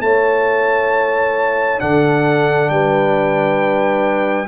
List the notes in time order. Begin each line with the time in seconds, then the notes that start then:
0.00 A3 E4 C#5 A5
1.78 D3 D4 A4 F#5
2.69 G3 B4 G5